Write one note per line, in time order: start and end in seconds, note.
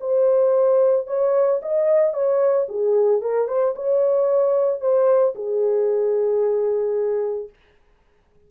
0.00 1.07 C5
1.07 1.60 C#5
1.62 2.13 D#5
2.13 2.67 C#5
2.69 3.21 G#4
3.21 3.48 A#4
3.48 3.75 C5
3.75 4.80 C#5
4.80 5.34 C5
5.35 7.49 G#4